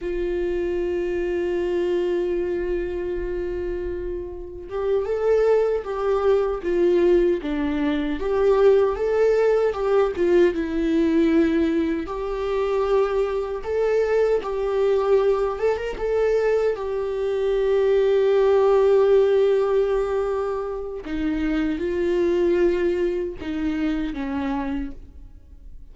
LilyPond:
\new Staff \with { instrumentName = "viola" } { \time 4/4 \tempo 4 = 77 f'1~ | f'2 g'8 a'4 g'8~ | g'8 f'4 d'4 g'4 a'8~ | a'8 g'8 f'8 e'2 g'8~ |
g'4. a'4 g'4. | a'16 ais'16 a'4 g'2~ g'8~ | g'2. dis'4 | f'2 dis'4 cis'4 | }